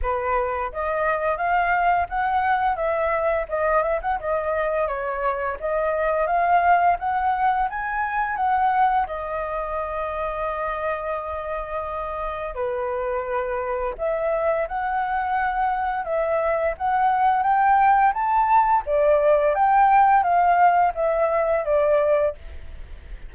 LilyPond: \new Staff \with { instrumentName = "flute" } { \time 4/4 \tempo 4 = 86 b'4 dis''4 f''4 fis''4 | e''4 dis''8 e''16 fis''16 dis''4 cis''4 | dis''4 f''4 fis''4 gis''4 | fis''4 dis''2.~ |
dis''2 b'2 | e''4 fis''2 e''4 | fis''4 g''4 a''4 d''4 | g''4 f''4 e''4 d''4 | }